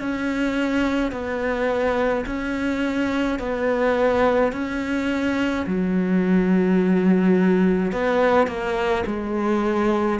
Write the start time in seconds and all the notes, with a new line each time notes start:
0.00 C#4
1.12 B3
2.26 C#4
3.40 B3
4.53 C#4
5.67 F#3
7.92 B3
8.48 A#3
9.07 G#3